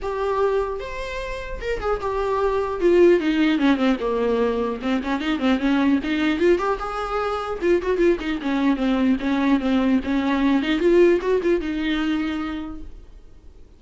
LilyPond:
\new Staff \with { instrumentName = "viola" } { \time 4/4 \tempo 4 = 150 g'2 c''2 | ais'8 gis'8 g'2 f'4 | dis'4 cis'8 c'8 ais2 | c'8 cis'8 dis'8 c'8 cis'4 dis'4 |
f'8 g'8 gis'2 f'8 fis'8 | f'8 dis'8 cis'4 c'4 cis'4 | c'4 cis'4. dis'8 f'4 | fis'8 f'8 dis'2. | }